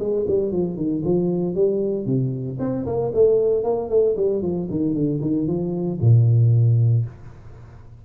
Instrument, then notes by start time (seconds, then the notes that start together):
tuba
0.00 G#3
0.28 G3
0.52 F3
0.77 D#3
1.05 F3
1.55 G3
2.06 C3
2.60 C4
2.86 A#3
3.14 A3
3.64 A#3
3.90 A3
4.17 G3
4.42 F3
4.71 D#3
4.94 D3
5.22 D#3
5.47 F3
6.01 A#2